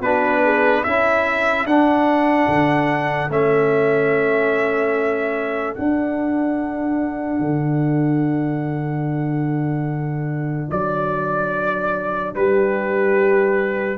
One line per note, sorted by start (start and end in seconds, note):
0.00 0.82 B3
0.00 0.86 D4
0.00 0.41 F#4
0.00 0.84 B4
0.44 0.84 G#4
0.84 1.66 C#4
0.84 1.68 E4
0.84 12.34 A4
0.84 1.66 E5
1.66 2.48 D4
1.66 3.30 D4
1.66 3.31 F#5
2.49 3.29 D3
3.29 5.76 A3
3.29 5.76 C#4
3.29 5.75 E5
5.75 13.98 D4
5.75 7.40 D4
5.75 10.68 F#5
7.40 10.68 D3
10.71 12.35 F#3
10.71 12.35 D5
12.35 13.98 G3
12.35 13.98 G4
12.35 13.98 B4